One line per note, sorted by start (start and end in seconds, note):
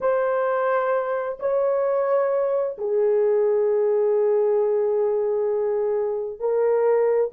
0.01 1.38 C5
1.39 2.76 C#5
2.78 6.39 G#4
6.39 7.31 A#4